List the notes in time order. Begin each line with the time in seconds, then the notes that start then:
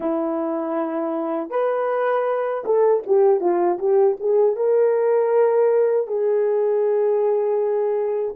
0.00 E4
1.49 B4
2.65 A4
3.06 G4
3.40 F4
3.78 G4
4.20 G#4
4.56 A#4
6.07 G#4